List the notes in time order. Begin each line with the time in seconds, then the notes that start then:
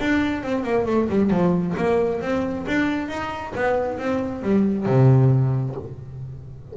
0.00 D4
0.43 C4
0.64 A#3
0.86 A3
1.09 G3
1.30 F3
1.77 A#3
2.21 C4
2.67 D4
3.08 D#4
3.55 B3
3.98 C4
4.42 G3
4.86 C3